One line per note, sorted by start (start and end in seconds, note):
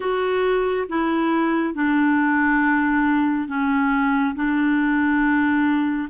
0.00 0.87 F#4
0.88 1.74 E4
1.74 3.47 D4
3.47 4.34 C#4
4.35 6.09 D4